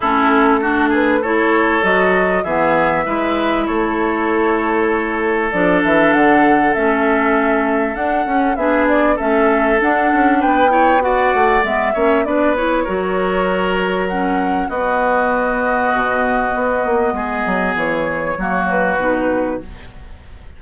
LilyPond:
<<
  \new Staff \with { instrumentName = "flute" } { \time 4/4 \tempo 4 = 98 a'4. b'8 cis''4 dis''4 | e''2 cis''2~ | cis''4 d''8 e''8 fis''4 e''4~ | e''4 fis''4 e''8 d''8 e''4 |
fis''4 g''4 fis''4 e''4 | d''8 cis''2~ cis''8 fis''4 | dis''1~ | dis''4 cis''4. b'4. | }
  \new Staff \with { instrumentName = "oboe" } { \time 4/4 e'4 fis'8 gis'8 a'2 | gis'4 b'4 a'2~ | a'1~ | a'2 gis'4 a'4~ |
a'4 b'8 cis''8 d''4. cis''8 | b'4 ais'2. | fis'1 | gis'2 fis'2 | }
  \new Staff \with { instrumentName = "clarinet" } { \time 4/4 cis'4 d'4 e'4 fis'4 | b4 e'2.~ | e'4 d'2 cis'4~ | cis'4 d'8 cis'8 d'4 cis'4 |
d'4. e'8 fis'4 b8 cis'8 | d'8 e'8 fis'2 cis'4 | b1~ | b2 ais4 dis'4 | }
  \new Staff \with { instrumentName = "bassoon" } { \time 4/4 a2. fis4 | e4 gis4 a2~ | a4 f8 e8 d4 a4~ | a4 d'8 cis'8 b4 a4 |
d'8 cis'8 b4. a8 gis8 ais8 | b4 fis2. | b2 b,4 b8 ais8 | gis8 fis8 e4 fis4 b,4 | }
>>